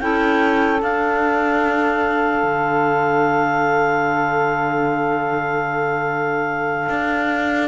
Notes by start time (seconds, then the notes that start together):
0.00 C#4 E4 A4 G5
0.80 D4 F5
2.44 D3
6.90 D4